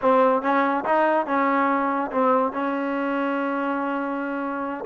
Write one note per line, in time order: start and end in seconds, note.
0.01 0.42 C4
0.42 0.84 C#4
0.84 1.26 D#4
1.26 2.10 C#4
2.11 2.52 C4
2.52 4.84 C#4